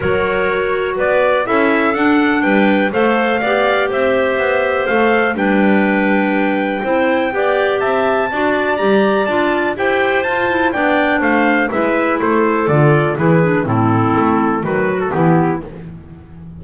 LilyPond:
<<
  \new Staff \with { instrumentName = "trumpet" } { \time 4/4 \tempo 4 = 123 cis''2 d''4 e''4 | fis''4 g''4 f''2 | e''2 f''4 g''4~ | g''1 |
a''2 ais''4 a''4 | g''4 a''4 g''4 f''4 | e''4 c''4 d''4 b'4 | a'2 b'8. a'16 g'4 | }
  \new Staff \with { instrumentName = "clarinet" } { \time 4/4 ais'2 b'4 a'4~ | a'4 b'4 c''4 d''4 | c''2. b'4~ | b'2 c''4 d''4 |
e''4 d''2. | c''2 d''4 c''4 | b'4 a'2 gis'4 | e'2 fis'4 e'4 | }
  \new Staff \with { instrumentName = "clarinet" } { \time 4/4 fis'2. e'4 | d'2 a'4 g'4~ | g'2 a'4 d'4~ | d'2 e'4 g'4~ |
g'4 fis'4 g'4 f'4 | g'4 f'8 e'8 d'2 | e'2 f'4 e'8 d'8 | c'2 fis4 b4 | }
  \new Staff \with { instrumentName = "double bass" } { \time 4/4 fis2 b4 cis'4 | d'4 g4 a4 b4 | c'4 b4 a4 g4~ | g2 c'4 b4 |
c'4 d'4 g4 d'4 | e'4 f'4 b4 a4 | gis4 a4 d4 e4 | a,4 a4 dis4 e4 | }
>>